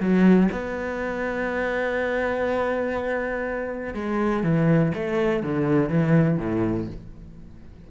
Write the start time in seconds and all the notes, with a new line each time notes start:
0.00 F#3
0.51 B3
3.94 G#3
4.43 E3
4.94 A3
5.43 D3
5.89 E3
6.38 A2